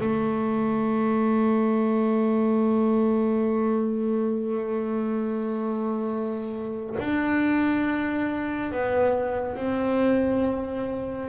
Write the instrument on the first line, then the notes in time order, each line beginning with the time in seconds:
double bass
0.00 A3
6.99 D4
8.72 B3
9.55 C4